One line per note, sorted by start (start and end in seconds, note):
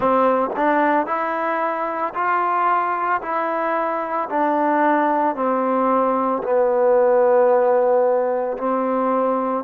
0.00 0.50 C4
0.56 1.06 D4
1.06 2.13 E4
2.14 3.21 F4
3.21 4.29 E4
4.29 5.35 D4
5.35 6.42 C4
6.43 8.57 B3
8.57 9.64 C4